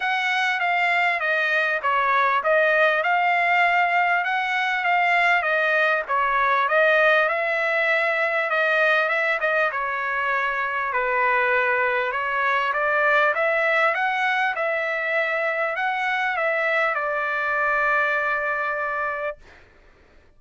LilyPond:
\new Staff \with { instrumentName = "trumpet" } { \time 4/4 \tempo 4 = 99 fis''4 f''4 dis''4 cis''4 | dis''4 f''2 fis''4 | f''4 dis''4 cis''4 dis''4 | e''2 dis''4 e''8 dis''8 |
cis''2 b'2 | cis''4 d''4 e''4 fis''4 | e''2 fis''4 e''4 | d''1 | }